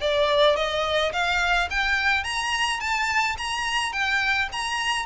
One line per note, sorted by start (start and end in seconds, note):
0.00 0.56 D5
0.56 1.12 D#5
1.12 1.68 F5
1.70 2.24 G5
2.24 2.80 A#5
2.80 3.36 A5
3.37 3.92 A#5
3.92 4.48 G5
4.52 5.05 A#5